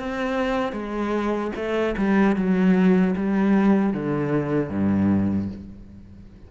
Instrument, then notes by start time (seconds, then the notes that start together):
cello
0.00 C4
0.73 G#3
1.56 A3
1.98 G3
2.36 F#3
3.17 G3
3.94 D3
4.70 G2